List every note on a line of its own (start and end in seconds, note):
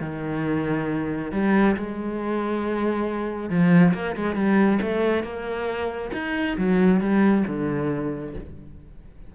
0.00 1.31 D#3
1.32 1.75 G3
1.76 3.49 G#3
3.49 3.93 F3
3.94 4.15 A#3
4.16 4.35 G#3
4.35 4.79 G3
4.82 5.23 A3
5.23 6.11 A#3
6.13 6.57 D#4
6.57 7.00 F#3
7.00 7.44 G3
7.47 8.34 D3